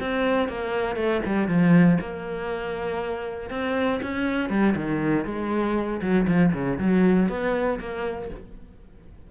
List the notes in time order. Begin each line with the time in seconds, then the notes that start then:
0.00 C4
0.48 A#3
0.96 A3
1.26 G3
1.48 F3
2.01 A#3
3.50 C4
4.02 C#4
4.49 G3
4.76 D#3
5.25 G#3
6.02 F#3
6.28 F3
6.53 C#3
6.79 F#3
7.29 B3
7.79 A#3